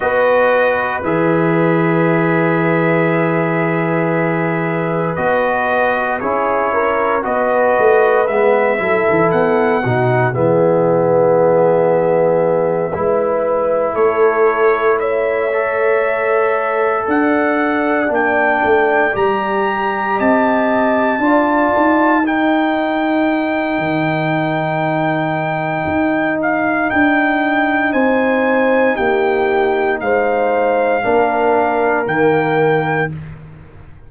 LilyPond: <<
  \new Staff \with { instrumentName = "trumpet" } { \time 4/4 \tempo 4 = 58 dis''4 e''2.~ | e''4 dis''4 cis''4 dis''4 | e''4 fis''4 e''2~ | e''4. cis''4 e''4.~ |
e''8 fis''4 g''4 ais''4 a''8~ | a''4. g''2~ g''8~ | g''4. f''8 g''4 gis''4 | g''4 f''2 g''4 | }
  \new Staff \with { instrumentName = "horn" } { \time 4/4 b'1~ | b'2 gis'8 ais'8 b'4~ | b'8 a'4 fis'8 gis'2~ | gis'8 b'4 a'4 cis''4.~ |
cis''8 d''2. dis''8~ | dis''8 d''4 ais'2~ ais'8~ | ais'2. c''4 | g'4 c''4 ais'2 | }
  \new Staff \with { instrumentName = "trombone" } { \time 4/4 fis'4 gis'2.~ | gis'4 fis'4 e'4 fis'4 | b8 e'4 dis'8 b2~ | b8 e'2~ e'8 a'4~ |
a'4. d'4 g'4.~ | g'8 f'4 dis'2~ dis'8~ | dis'1~ | dis'2 d'4 ais4 | }
  \new Staff \with { instrumentName = "tuba" } { \time 4/4 b4 e2.~ | e4 b4 cis'4 b8 a8 | gis8 fis16 e16 b8 b,8 e2~ | e8 gis4 a2~ a8~ |
a8 d'4 ais8 a8 g4 c'8~ | c'8 d'8 dis'2 dis4~ | dis4 dis'4 d'4 c'4 | ais4 gis4 ais4 dis4 | }
>>